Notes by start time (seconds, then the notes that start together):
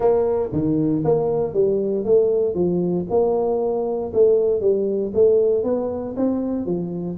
0.00 A#3
0.52 D#3
1.04 A#3
1.53 G3
2.04 A3
2.54 F3
3.09 A#3
4.13 A3
4.60 G3
5.14 A3
5.63 B3
6.16 C4
6.65 F3